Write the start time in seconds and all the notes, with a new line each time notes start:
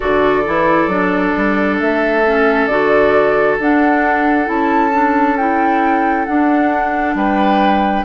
0.00 D3 F#4 A4 D5
0.45 E3 E4
0.87 F#3 D4
1.37 G3
1.79 A3 E5
2.26 C#4
2.66 D3 F#4 D5
3.58 D4 F#5
4.45 C#4 E4 A5
4.92 D4
5.37 E4 G5
6.25 D4 F#5
7.14 G3 B4 G5